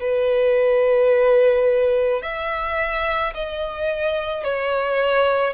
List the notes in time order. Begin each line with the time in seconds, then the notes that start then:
0.00 B4
2.22 E5
3.34 D#5
4.43 C#5